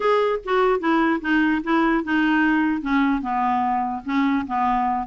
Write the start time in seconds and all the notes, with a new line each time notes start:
0.00 G#4
0.44 F#4
0.80 E4
1.21 D#4
1.63 E4
2.04 D#4
2.81 C#4
3.21 B3
4.05 C#4
4.46 B3